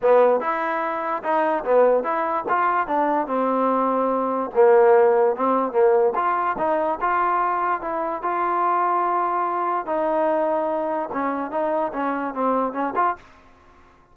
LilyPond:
\new Staff \with { instrumentName = "trombone" } { \time 4/4 \tempo 4 = 146 b4 e'2 dis'4 | b4 e'4 f'4 d'4 | c'2. ais4~ | ais4 c'4 ais4 f'4 |
dis'4 f'2 e'4 | f'1 | dis'2. cis'4 | dis'4 cis'4 c'4 cis'8 f'8 | }